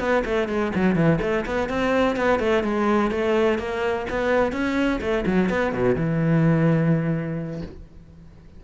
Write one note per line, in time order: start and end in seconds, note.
0.00 0.24 B3
0.25 0.49 A3
0.49 0.73 G#3
0.75 0.96 F#3
0.96 1.19 E3
1.22 1.46 A3
1.46 1.70 B3
1.70 2.17 C4
2.17 2.40 B3
2.40 2.64 A3
2.64 3.11 G#3
3.11 3.59 A3
3.59 4.06 A#3
4.10 4.53 B3
4.53 5.00 C#4
5.01 5.25 A3
5.26 5.50 F#3
5.50 5.73 B3
5.73 5.96 B2
5.96 7.62 E3